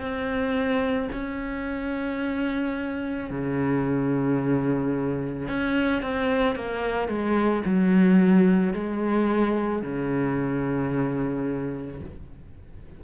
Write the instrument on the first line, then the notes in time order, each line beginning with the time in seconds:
cello
0.00 C4
1.13 C#4
3.31 C#3
5.48 C#4
6.02 C4
6.56 A#3
7.08 G#3
7.66 F#3
8.74 G#3
9.82 C#3